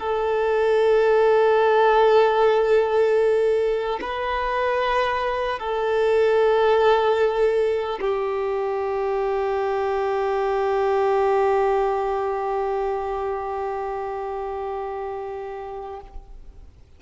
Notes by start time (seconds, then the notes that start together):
0.00 A4
4.01 B4
5.60 A4
8.01 G4